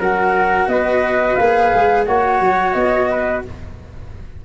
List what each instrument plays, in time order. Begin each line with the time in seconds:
0.00 tuba F#3, cello F#4, trumpet A#4, flute F#5
0.68 tuba B3, trumpet B4, flute D#5
1.36 tuba A#3, cello G#4, flute F5
1.74 tuba G#3
2.06 tuba A#3, cello F#4, trumpet C#5, flute F#5
2.41 tuba F#3
2.74 tuba B3, flute D#5
3.11 trumpet B4